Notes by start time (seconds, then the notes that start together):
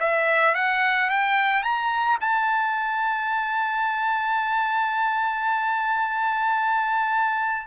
0.00 E5
0.55 F#5
1.10 G5
1.64 A#5
2.21 A5